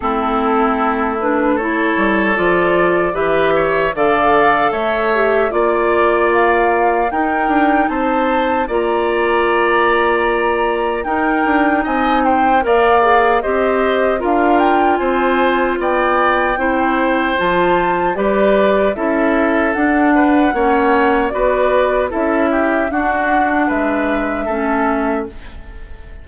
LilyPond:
<<
  \new Staff \with { instrumentName = "flute" } { \time 4/4 \tempo 4 = 76 a'4. b'8 cis''4 d''4 | e''4 f''4 e''4 d''4 | f''4 g''4 a''4 ais''4~ | ais''2 g''4 gis''8 g''8 |
f''4 dis''4 f''8 g''8 gis''4 | g''2 a''4 d''4 | e''4 fis''2 d''4 | e''4 fis''4 e''2 | }
  \new Staff \with { instrumentName = "oboe" } { \time 4/4 e'2 a'2 | b'8 cis''8 d''4 cis''4 d''4~ | d''4 ais'4 c''4 d''4~ | d''2 ais'4 dis''8 c''8 |
d''4 c''4 ais'4 c''4 | d''4 c''2 b'4 | a'4. b'8 cis''4 b'4 | a'8 g'8 fis'4 b'4 a'4 | }
  \new Staff \with { instrumentName = "clarinet" } { \time 4/4 c'4. d'8 e'4 f'4 | g'4 a'4. g'8 f'4~ | f'4 dis'2 f'4~ | f'2 dis'2 |
ais'8 gis'8 g'4 f'2~ | f'4 e'4 f'4 g'4 | e'4 d'4 cis'4 fis'4 | e'4 d'2 cis'4 | }
  \new Staff \with { instrumentName = "bassoon" } { \time 4/4 a2~ a8 g8 f4 | e4 d4 a4 ais4~ | ais4 dis'8 d'8 c'4 ais4~ | ais2 dis'8 d'8 c'4 |
ais4 c'4 d'4 c'4 | b4 c'4 f4 g4 | cis'4 d'4 ais4 b4 | cis'4 d'4 gis4 a4 | }
>>